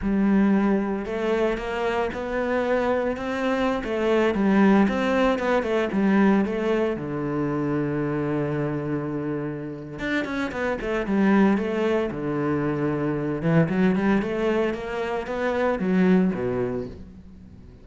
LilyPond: \new Staff \with { instrumentName = "cello" } { \time 4/4 \tempo 4 = 114 g2 a4 ais4 | b2 c'4~ c'16 a8.~ | a16 g4 c'4 b8 a8 g8.~ | g16 a4 d2~ d8.~ |
d2. d'8 cis'8 | b8 a8 g4 a4 d4~ | d4. e8 fis8 g8 a4 | ais4 b4 fis4 b,4 | }